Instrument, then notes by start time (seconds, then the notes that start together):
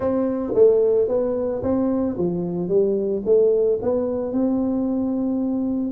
tuba
0.00 C4
0.54 A3
1.08 B3
1.62 C4
2.17 F3
2.68 G3
3.25 A3
3.82 B3
4.32 C4